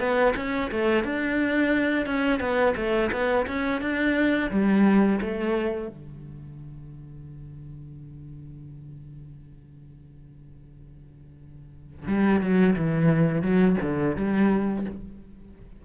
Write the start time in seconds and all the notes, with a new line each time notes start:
0.00 B3
0.37 C#4
0.71 A3
1.04 D4
2.07 C#4
2.40 B3
2.77 A3
3.13 B3
3.47 C#4
3.82 D4
4.51 G3
5.22 A3
5.89 D3
12.08 G3
12.41 F#3
12.76 E3
13.42 F#3
13.82 D3
14.17 G3